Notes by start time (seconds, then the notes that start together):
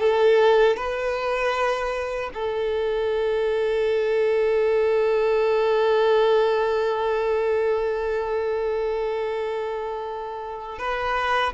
0.00 A4
0.77 B4
2.34 A4
10.79 B4